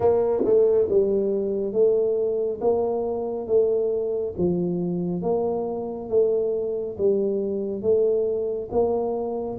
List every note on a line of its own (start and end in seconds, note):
0.00 0.43 A#3
0.44 0.88 A3
0.89 1.72 G3
1.72 2.59 A3
2.60 3.47 A#3
3.47 4.34 A3
4.37 5.22 F3
5.22 6.09 A#3
6.09 6.96 A3
6.98 7.81 G3
7.81 8.68 A3
8.71 9.58 A#3